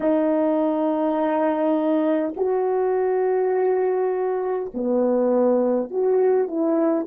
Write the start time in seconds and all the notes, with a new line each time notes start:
0.00 D#4
2.36 F#4
4.74 B3
5.90 F#4
6.47 E4